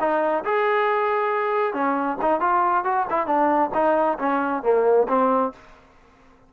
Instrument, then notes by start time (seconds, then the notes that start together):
trombone
0.00 D#4
0.44 G#4
1.74 C#4
2.22 D#4
2.41 F4
2.85 F#4
3.10 E4
3.26 D4
3.74 D#4
4.19 C#4
4.63 A#3
5.08 C4